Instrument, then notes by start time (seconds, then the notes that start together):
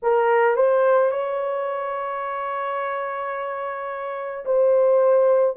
horn
0.02 A#4
0.56 C5
1.11 C#5
4.45 C5